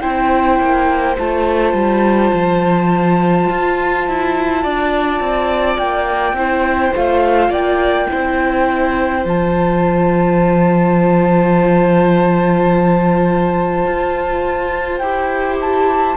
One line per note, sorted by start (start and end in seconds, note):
0.00 0.59 C4
0.00 1.17 E4
0.00 4.63 C5
0.00 1.15 G5
0.59 1.17 A#3
1.18 1.73 A3
1.18 6.37 F4
1.18 5.78 A5
1.73 2.31 G3
2.33 3.49 F3
3.50 4.07 F4
4.07 4.65 E4
4.63 5.20 D4
4.63 6.36 D5
5.20 5.78 C4
5.78 6.33 A#3
5.78 6.94 G5
6.33 6.91 C4
6.33 6.95 E4
6.33 7.50 C5
6.95 7.49 A3
6.95 8.10 F4
6.95 7.52 F5
7.49 8.06 A#3
7.49 8.08 D5
7.49 9.25 G5
8.10 9.25 C4
8.10 9.25 E4
8.10 16.17 C5
9.25 13.86 F3
9.25 15.02 F4
9.25 14.98 A5
13.87 15.00 F4
14.98 16.15 E4
14.98 16.17 G4
14.98 15.56 G5
15.60 16.17 A5